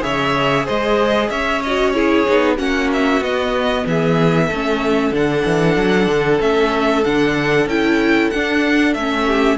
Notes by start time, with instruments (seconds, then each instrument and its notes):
0.00 cello C#3, viola G#4, violin C#5 E5
0.65 cello G#3, violin C5 D#5
1.30 cello C#4, violin C#5 E5
1.62 viola F#4, violin D#5
1.90 viola E4, violin G#4 C#5
2.26 cello B3, viola D#4
2.57 cello A#3, viola C#4, violin F#4 F#5
2.93 violin E5
3.20 cello B3, viola B3, violin D#5
3.86 cello E3, violin G#4 E5
4.47 cello A3, violin A4
4.54 viola C#4
5.11 cello D3, viola D4, violin F#5
5.45 cello E3
5.76 cello F#3
6.06 cello D3
6.39 cello A3, viola C#4, violin E5
7.04 cello D3, viola D4, violin F#5
7.66 cello C#4, viola E4, violin G5
8.30 viola D4, cello D4, violin F#5
8.94 cello A3, viola C#4, violin E5
9.26 violin G4